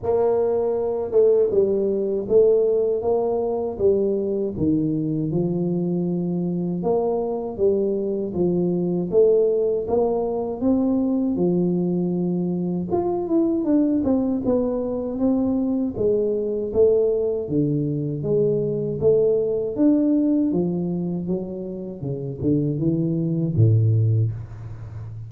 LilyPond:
\new Staff \with { instrumentName = "tuba" } { \time 4/4 \tempo 4 = 79 ais4. a8 g4 a4 | ais4 g4 dis4 f4~ | f4 ais4 g4 f4 | a4 ais4 c'4 f4~ |
f4 f'8 e'8 d'8 c'8 b4 | c'4 gis4 a4 d4 | gis4 a4 d'4 f4 | fis4 cis8 d8 e4 a,4 | }